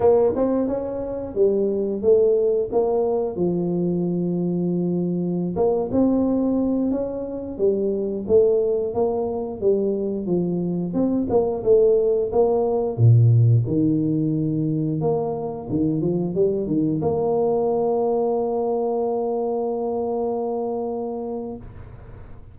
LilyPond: \new Staff \with { instrumentName = "tuba" } { \time 4/4 \tempo 4 = 89 ais8 c'8 cis'4 g4 a4 | ais4 f2.~ | f16 ais8 c'4. cis'4 g8.~ | g16 a4 ais4 g4 f8.~ |
f16 c'8 ais8 a4 ais4 ais,8.~ | ais,16 dis2 ais4 dis8 f16~ | f16 g8 dis8 ais2~ ais8.~ | ais1 | }